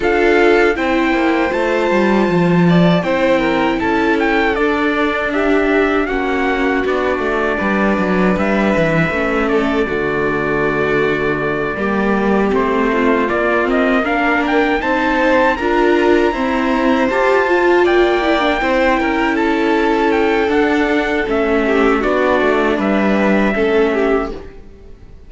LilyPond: <<
  \new Staff \with { instrumentName = "trumpet" } { \time 4/4 \tempo 4 = 79 f''4 g''4 a''2 | g''4 a''8 g''8 d''4 e''4 | fis''4 d''2 e''4~ | e''8 d''2.~ d''8~ |
d''8 c''4 d''8 dis''8 f''8 g''8 a''8~ | a''8 ais''2 a''4 g''8~ | g''4. a''4 g''8 fis''4 | e''4 d''4 e''2 | }
  \new Staff \with { instrumentName = "violin" } { \time 4/4 a'4 c''2~ c''8 d''8 | c''8 ais'8 a'2 g'4 | fis'2 b'2~ | b'8 a'8 fis'2~ fis'8 g'8~ |
g'4 f'4. ais'4 c''8~ | c''8 ais'4 c''2 d''8~ | d''8 c''8 ais'8 a'2~ a'8~ | a'8 g'8 fis'4 b'4 a'8 g'8 | }
  \new Staff \with { instrumentName = "viola" } { \time 4/4 f'4 e'4 f'2 | e'2 d'2 | cis'4 d'2. | cis'4 a2~ a8 ais8~ |
ais8 c'4 ais8 c'8 d'4 dis'8~ | dis'8 f'4 c'4 g'8 f'4 | e'16 d'16 e'2~ e'8 d'4 | cis'4 d'2 cis'4 | }
  \new Staff \with { instrumentName = "cello" } { \time 4/4 d'4 c'8 ais8 a8 g8 f4 | c'4 cis'4 d'2 | ais4 b8 a8 g8 fis8 g8 e8 | a4 d2~ d8 g8~ |
g8 a4 ais2 c'8~ | c'8 d'4 e'4 f'4 ais8~ | ais8 c'8 cis'2 d'4 | a4 b8 a8 g4 a4 | }
>>